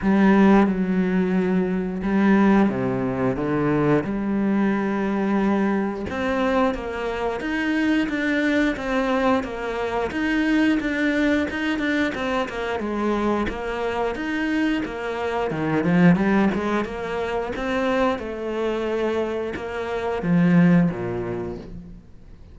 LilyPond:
\new Staff \with { instrumentName = "cello" } { \time 4/4 \tempo 4 = 89 g4 fis2 g4 | c4 d4 g2~ | g4 c'4 ais4 dis'4 | d'4 c'4 ais4 dis'4 |
d'4 dis'8 d'8 c'8 ais8 gis4 | ais4 dis'4 ais4 dis8 f8 | g8 gis8 ais4 c'4 a4~ | a4 ais4 f4 ais,4 | }